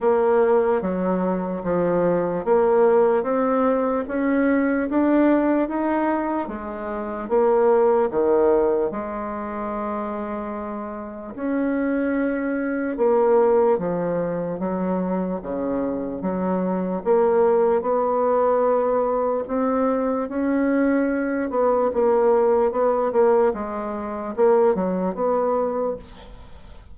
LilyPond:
\new Staff \with { instrumentName = "bassoon" } { \time 4/4 \tempo 4 = 74 ais4 fis4 f4 ais4 | c'4 cis'4 d'4 dis'4 | gis4 ais4 dis4 gis4~ | gis2 cis'2 |
ais4 f4 fis4 cis4 | fis4 ais4 b2 | c'4 cis'4. b8 ais4 | b8 ais8 gis4 ais8 fis8 b4 | }